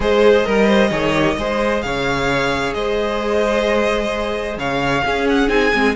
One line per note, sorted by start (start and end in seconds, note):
0.00 0.45 G#3
0.00 0.44 G#4
0.00 0.46 C5
0.00 1.82 D#5
0.44 0.91 G3
0.44 0.90 A#4
0.44 0.66 A#4
0.66 0.89 C5
0.90 1.36 D#3
0.90 1.14 G#4
0.90 1.36 C#5
1.14 1.37 G4
1.38 1.83 G#3
1.38 5.04 G#4
1.38 1.84 C5
1.82 2.74 C#3
1.82 2.76 C#5
1.82 2.73 F5
2.73 4.57 G#3
2.73 4.58 C5
2.73 4.57 D#5
4.57 5.02 C#3
4.57 5.04 C#5
4.57 5.27 F5
5.04 5.48 C#4
5.04 5.95 G#4
5.29 5.49 F#5
5.48 5.71 C4
5.48 5.71 D#4
5.48 5.95 G#5
5.74 5.95 G#3
5.74 5.95 C4